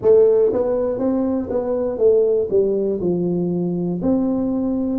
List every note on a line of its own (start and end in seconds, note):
0.02 0.52 A3
0.52 0.99 B3
0.99 1.49 C4
1.50 1.97 B3
1.97 2.47 A3
2.50 3.00 G3
3.00 4.00 F3
4.01 4.99 C4